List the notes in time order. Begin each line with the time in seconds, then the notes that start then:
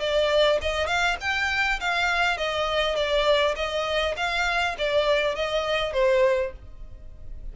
0.00 D5
0.62 D#5
0.87 F5
1.21 G5
1.81 F5
2.38 D#5
2.96 D5
3.56 D#5
4.17 F5
4.78 D5
5.36 D#5
5.94 C5